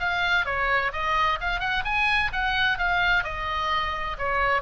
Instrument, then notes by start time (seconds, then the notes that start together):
oboe
0.00 F5
0.45 C#5
0.93 D#5
1.41 F5
1.60 F#5
1.85 G#5
2.33 F#5
2.78 F5
3.24 D#5
4.18 C#5